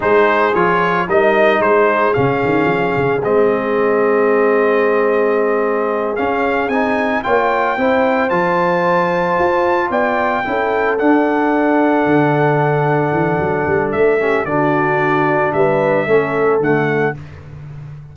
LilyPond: <<
  \new Staff \with { instrumentName = "trumpet" } { \time 4/4 \tempo 4 = 112 c''4 cis''4 dis''4 c''4 | f''2 dis''2~ | dis''2.~ dis''8 f''8~ | f''8 gis''4 g''2 a''8~ |
a''2~ a''8 g''4.~ | g''8 fis''2.~ fis''8~ | fis''2 e''4 d''4~ | d''4 e''2 fis''4 | }
  \new Staff \with { instrumentName = "horn" } { \time 4/4 gis'2 ais'4 gis'4~ | gis'1~ | gis'1~ | gis'4. cis''4 c''4.~ |
c''2~ c''8 d''4 a'8~ | a'1~ | a'2~ a'8 g'8 fis'4~ | fis'4 b'4 a'2 | }
  \new Staff \with { instrumentName = "trombone" } { \time 4/4 dis'4 f'4 dis'2 | cis'2 c'2~ | c'2.~ c'8 cis'8~ | cis'8 dis'4 f'4 e'4 f'8~ |
f'2.~ f'8 e'8~ | e'8 d'2.~ d'8~ | d'2~ d'8 cis'8 d'4~ | d'2 cis'4 a4 | }
  \new Staff \with { instrumentName = "tuba" } { \time 4/4 gis4 f4 g4 gis4 | cis8 dis8 f8 cis8 gis2~ | gis2.~ gis8 cis'8~ | cis'8 c'4 ais4 c'4 f8~ |
f4. f'4 b4 cis'8~ | cis'8 d'2 d4.~ | d8 e8 fis8 g8 a4 d4~ | d4 g4 a4 d4 | }
>>